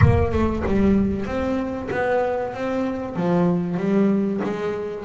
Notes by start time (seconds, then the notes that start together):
0.01 A#3
0.31 A3
0.66 G3
1.25 C4
1.91 B3
2.53 C4
3.16 F3
3.77 G3
4.43 G#3